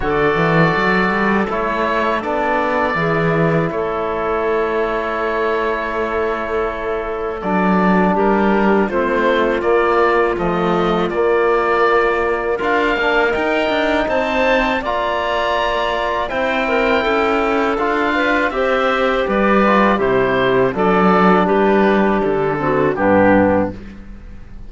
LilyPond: <<
  \new Staff \with { instrumentName = "oboe" } { \time 4/4 \tempo 4 = 81 d''2 cis''4 d''4~ | d''4 cis''2.~ | cis''2 d''4 ais'4 | c''4 d''4 dis''4 d''4~ |
d''4 f''4 g''4 a''4 | ais''2 g''2 | f''4 e''4 d''4 c''4 | d''4 b'4 a'4 g'4 | }
  \new Staff \with { instrumentName = "clarinet" } { \time 4/4 a'1 | gis'4 a'2.~ | a'2. g'4 | f'1~ |
f'4 ais'2 c''4 | d''2 c''8 ais'8 a'4~ | a'8 b'8 c''4 b'4 g'4 | a'4 g'4. fis'8 d'4 | }
  \new Staff \with { instrumentName = "trombone" } { \time 4/4 fis'2 e'4 d'4 | e'1~ | e'2 d'2 | c'4 ais4 f4 ais4~ |
ais4 f'8 d'8 dis'2 | f'2 e'2 | f'4 g'4. f'8 e'4 | d'2~ d'8 c'8 b4 | }
  \new Staff \with { instrumentName = "cello" } { \time 4/4 d8 e8 fis8 g8 a4 b4 | e4 a2.~ | a2 fis4 g4 | a4 ais4 a4 ais4~ |
ais4 d'8 ais8 dis'8 d'8 c'4 | ais2 c'4 cis'4 | d'4 c'4 g4 c4 | fis4 g4 d4 g,4 | }
>>